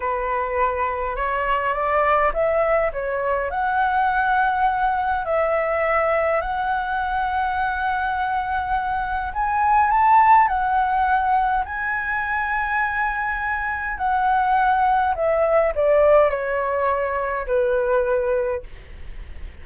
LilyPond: \new Staff \with { instrumentName = "flute" } { \time 4/4 \tempo 4 = 103 b'2 cis''4 d''4 | e''4 cis''4 fis''2~ | fis''4 e''2 fis''4~ | fis''1 |
gis''4 a''4 fis''2 | gis''1 | fis''2 e''4 d''4 | cis''2 b'2 | }